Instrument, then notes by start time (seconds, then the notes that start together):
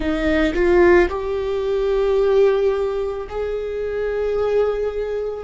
viola
0.00 D#4
0.54 F4
1.09 G4
3.29 G#4